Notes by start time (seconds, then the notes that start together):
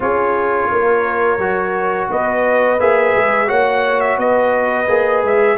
0.00 C#4 F4 G#4 C#5
0.71 A#3 A#4
1.37 F#3 F#4
2.09 B3 B4 D#5
2.79 A#3 G#4 E5
3.15 G#3
3.47 A#3 F#4 C#5 F#5
4.00 E5
4.17 B3 B4 D#5
4.87 A#3 G#4
5.22 G#3 E5